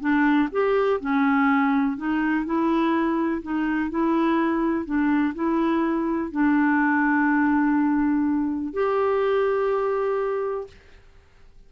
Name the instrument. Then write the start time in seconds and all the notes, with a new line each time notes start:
clarinet
0.00 D4
0.51 G4
1.00 C#4
1.96 D#4
2.45 E4
3.42 D#4
3.90 E4
4.85 D4
5.34 E4
6.31 D4
8.73 G4